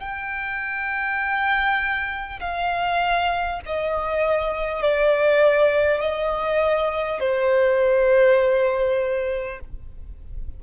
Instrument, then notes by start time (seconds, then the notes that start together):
violin
0.00 G5
2.41 F5
3.66 D#5
4.82 D5
6.01 D#5
7.20 C5